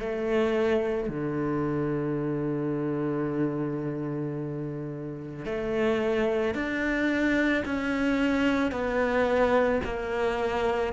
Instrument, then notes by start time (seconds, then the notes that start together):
cello
0.00 A3
1.09 D3
5.45 A3
6.55 D4
7.65 C#4
8.72 B3
9.84 A#3